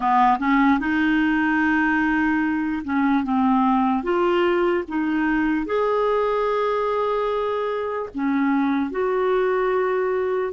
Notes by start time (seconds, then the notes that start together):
0.00 B3
0.38 C#4
0.79 D#4
2.83 C#4
3.23 C4
4.03 F4
4.88 D#4
5.66 G#4
8.14 C#4
8.90 F#4